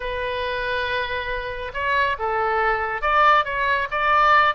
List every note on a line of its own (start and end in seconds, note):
0.00 1.71 B4
1.73 2.16 C#5
2.18 3.01 A4
3.01 3.44 D5
3.44 3.87 C#5
3.90 4.54 D5